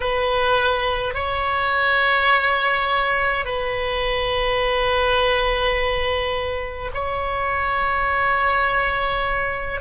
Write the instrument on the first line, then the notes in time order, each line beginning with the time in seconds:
oboe
0.00 B4
1.14 C#5
3.45 B4
6.93 C#5